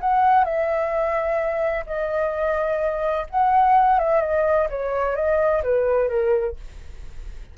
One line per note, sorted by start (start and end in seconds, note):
0.00 0.44 F#5
0.44 1.85 E5
1.86 3.27 D#5
3.30 3.98 F#5
3.98 4.21 E5
4.21 4.67 D#5
4.69 5.15 C#5
5.15 5.62 D#5
5.63 6.09 B4
6.09 6.55 A#4